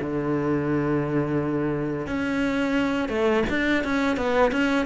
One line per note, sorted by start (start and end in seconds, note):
0.00 2.06 D3
2.06 3.08 C#4
3.08 3.43 A3
3.49 3.84 D4
3.84 4.16 C#4
4.16 4.51 B3
4.51 4.86 C#4